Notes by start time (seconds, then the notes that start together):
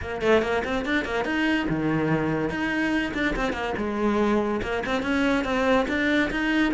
0.01 A#3
0.21 A3
0.42 A#3
0.64 C4
0.85 D4
1.05 A#3
1.24 D#4
1.69 D#3
2.49 D#4
3.14 D4
3.35 C4
3.52 A#3
3.77 G#3
4.62 A#3
4.85 C4
5.02 C#4
5.44 C4
5.88 D4
6.30 D#4